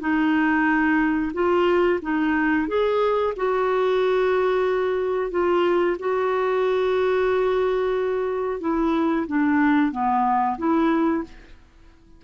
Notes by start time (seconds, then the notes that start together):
0.00 D#4
1.33 F4
2.02 D#4
2.68 G#4
3.36 F#4
5.31 F4
5.99 F#4
8.60 E4
9.27 D4
9.91 B3
10.58 E4